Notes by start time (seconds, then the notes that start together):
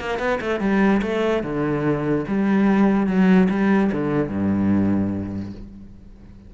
0.00 A#3
0.18 B3
0.41 A3
0.60 G3
1.02 A3
1.43 D3
2.28 G3
3.07 F#3
3.50 G3
3.92 D3
4.29 G2